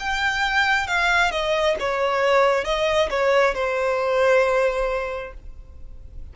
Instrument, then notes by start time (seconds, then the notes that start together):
violin
0.00 G5
0.88 F5
1.31 D#5
1.80 C#5
2.65 D#5
3.11 C#5
3.55 C5